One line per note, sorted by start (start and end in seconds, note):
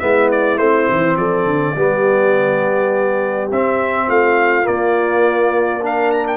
0.00 0.58 G#3
0.00 0.59 B3
0.00 1.17 E4
0.00 0.29 E5
0.31 0.58 D5
0.58 0.87 A3
0.58 1.76 C4
0.58 1.17 C5
0.89 1.17 E3
1.17 1.46 F3
1.17 1.76 A4
1.17 3.50 D5
1.46 1.75 D3
1.76 3.51 G3
1.76 3.51 B3
1.76 4.07 G4
3.51 4.09 C4
3.51 4.63 C4
3.51 4.10 E5
4.07 4.67 A3
4.07 5.82 F4
4.07 4.67 F5
4.63 5.80 A#3
4.63 6.37 A#3
4.63 5.84 D5
5.82 6.37 D4
5.82 6.37 A#4
5.82 6.12 F5
6.12 6.26 A#5
6.28 6.37 G5